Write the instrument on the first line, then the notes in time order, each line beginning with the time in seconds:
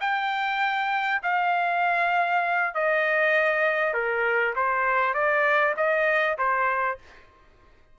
trumpet
0.00 G5
1.23 F5
2.74 D#5
3.93 A#4
4.55 C5
5.14 D5
5.77 D#5
6.37 C5